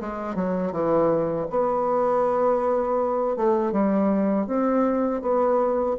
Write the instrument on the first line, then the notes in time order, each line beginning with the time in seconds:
bassoon
0.00 G#3
0.35 F#3
0.72 E3
1.49 B3
3.36 A3
3.72 G3
4.46 C4
5.21 B3